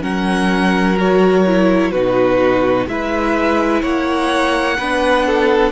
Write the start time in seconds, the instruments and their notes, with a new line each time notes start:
0.00 cello F#3, viola C#4, violin A#4 F#5
0.96 viola F#4, violin C#5
1.46 viola E4
1.91 cello B2, viola D#4, violin F#4 B4
2.87 cello G#3, viola E4, violin B4 E5
3.82 cello A#3, violin C#5 F#5
4.78 cello B3, viola D4, violin B4
5.26 violin A4